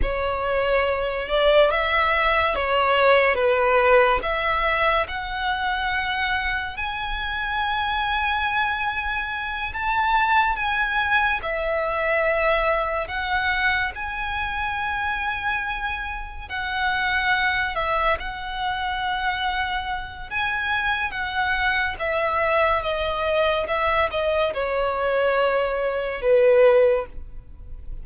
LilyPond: \new Staff \with { instrumentName = "violin" } { \time 4/4 \tempo 4 = 71 cis''4. d''8 e''4 cis''4 | b'4 e''4 fis''2 | gis''2.~ gis''8 a''8~ | a''8 gis''4 e''2 fis''8~ |
fis''8 gis''2. fis''8~ | fis''4 e''8 fis''2~ fis''8 | gis''4 fis''4 e''4 dis''4 | e''8 dis''8 cis''2 b'4 | }